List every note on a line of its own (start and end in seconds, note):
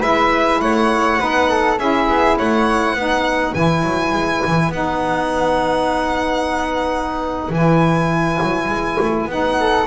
0.00 0.60 G#3
0.00 1.19 E4
0.00 0.59 B4
0.00 0.61 E5
0.60 1.19 A3
0.60 1.20 C#5
0.60 1.78 F#5
1.19 1.79 B3
1.19 1.78 D#4
1.19 1.49 B4
1.49 1.78 A4
1.78 2.08 C#4
1.78 2.96 E4
1.78 2.37 G#4
1.78 2.38 E5
2.09 2.38 B3
2.37 2.94 A3
2.37 2.94 C#5
2.37 3.54 F#5
2.94 3.53 B3
2.94 3.54 D#4
2.94 9.56 B4
3.54 3.83 E3
3.54 4.72 E4
3.54 4.71 G#5
3.83 4.11 F#3
4.11 4.41 G#3
4.46 4.69 E3
4.69 7.49 B3
4.69 7.52 D#4
4.69 7.52 F#5
7.50 8.38 E3
7.50 9.29 E4
7.50 9.31 G#5
8.42 8.68 F#3
8.68 8.97 G#3
9.00 9.26 A3
9.26 9.85 B3
9.26 9.87 D#4
9.26 9.87 F#5
9.60 9.87 A4